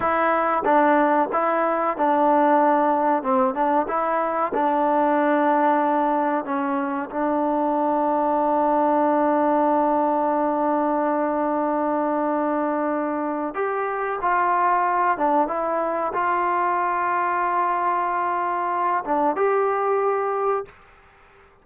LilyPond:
\new Staff \with { instrumentName = "trombone" } { \time 4/4 \tempo 4 = 93 e'4 d'4 e'4 d'4~ | d'4 c'8 d'8 e'4 d'4~ | d'2 cis'4 d'4~ | d'1~ |
d'1~ | d'4 g'4 f'4. d'8 | e'4 f'2.~ | f'4. d'8 g'2 | }